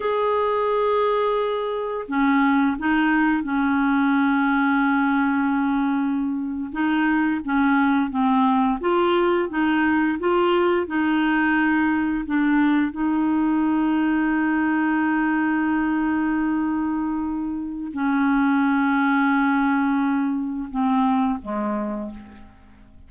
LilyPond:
\new Staff \with { instrumentName = "clarinet" } { \time 4/4 \tempo 4 = 87 gis'2. cis'4 | dis'4 cis'2.~ | cis'4.~ cis'16 dis'4 cis'4 c'16~ | c'8. f'4 dis'4 f'4 dis'16~ |
dis'4.~ dis'16 d'4 dis'4~ dis'16~ | dis'1~ | dis'2 cis'2~ | cis'2 c'4 gis4 | }